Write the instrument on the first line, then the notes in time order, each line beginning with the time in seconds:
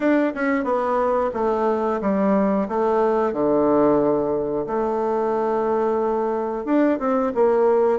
bassoon
0.00 D4
0.34 C#4
0.63 B3
1.33 A3
2.01 G3
2.68 A3
3.32 D3
4.67 A3
6.65 D4
6.98 C4
7.35 A#3